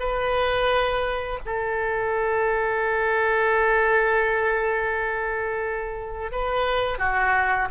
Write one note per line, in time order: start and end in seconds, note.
0.00 1.40 B4
1.46 6.32 A4
6.32 6.99 B4
6.99 7.69 F#4